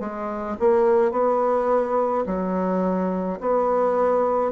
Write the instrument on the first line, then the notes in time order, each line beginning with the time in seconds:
bassoon
0.00 G#3
0.60 A#3
1.12 B3
2.26 F#3
3.41 B3